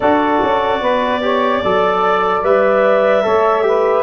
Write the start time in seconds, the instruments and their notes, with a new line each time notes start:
0.00 tuba D4, trombone F#4, saxophone A4, clarinet D5
0.42 tuba C#4
0.80 tuba B3, saxophone B4
1.21 trombone G4, saxophone C#5
1.62 tuba F#3, trombone A4, saxophone D5
2.43 tuba G3, trombone B4, clarinet E5
3.23 tuba A3, trombone A4, saxophone C#5
3.62 trombone G4, saxophone B4